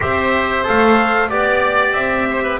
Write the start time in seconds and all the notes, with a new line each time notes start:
0.00 C4 G4 C5 E5
0.63 A3 A4 F5
1.29 B3 G4 D5
1.93 C4 E5
2.30 C5
2.43 B4